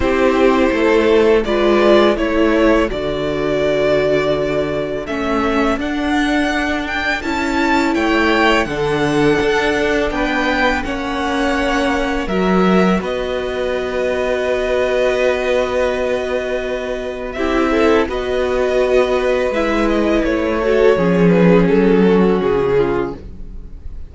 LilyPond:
<<
  \new Staff \with { instrumentName = "violin" } { \time 4/4 \tempo 4 = 83 c''2 d''4 cis''4 | d''2. e''4 | fis''4. g''8 a''4 g''4 | fis''2 g''4 fis''4~ |
fis''4 e''4 dis''2~ | dis''1 | e''4 dis''2 e''8 dis''8 | cis''4. b'8 a'4 gis'4 | }
  \new Staff \with { instrumentName = "violin" } { \time 4/4 g'4 a'4 b'4 a'4~ | a'1~ | a'2. cis''4 | a'2 b'4 cis''4~ |
cis''4 ais'4 b'2~ | b'1 | g'8 a'8 b'2.~ | b'8 a'8 gis'4. fis'4 f'8 | }
  \new Staff \with { instrumentName = "viola" } { \time 4/4 e'2 f'4 e'4 | fis'2. cis'4 | d'2 e'2 | d'2. cis'4~ |
cis'4 fis'2.~ | fis'1 | e'4 fis'2 e'4~ | e'8 fis'8 cis'2. | }
  \new Staff \with { instrumentName = "cello" } { \time 4/4 c'4 a4 gis4 a4 | d2. a4 | d'2 cis'4 a4 | d4 d'4 b4 ais4~ |
ais4 fis4 b2~ | b1 | c'4 b2 gis4 | a4 f4 fis4 cis4 | }
>>